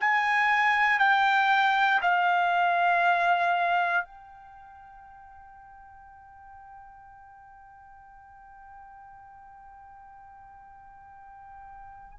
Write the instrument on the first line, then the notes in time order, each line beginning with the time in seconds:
trumpet
0.00 G#5
0.99 G5
2.02 F5
4.05 G5